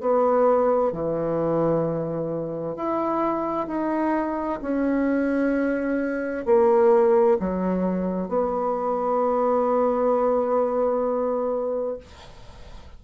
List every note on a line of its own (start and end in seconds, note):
0.00 0.92 B3
0.92 2.76 E3
2.76 3.67 E4
3.67 4.59 D#4
4.62 6.45 C#4
6.45 7.38 A#3
7.39 8.28 F#3
8.28 11.97 B3